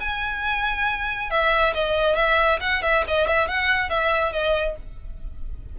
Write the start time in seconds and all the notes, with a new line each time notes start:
0.00 G#5
1.30 E5
1.74 D#5
2.16 E5
2.61 F#5
2.82 E5
3.08 D#5
3.27 E5
3.48 F#5
3.90 E5
4.33 D#5